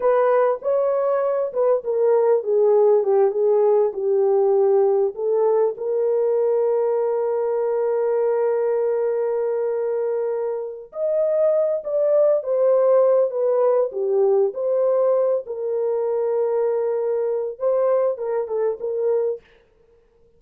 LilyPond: \new Staff \with { instrumentName = "horn" } { \time 4/4 \tempo 4 = 99 b'4 cis''4. b'8 ais'4 | gis'4 g'8 gis'4 g'4.~ | g'8 a'4 ais'2~ ais'8~ | ais'1~ |
ais'2 dis''4. d''8~ | d''8 c''4. b'4 g'4 | c''4. ais'2~ ais'8~ | ais'4 c''4 ais'8 a'8 ais'4 | }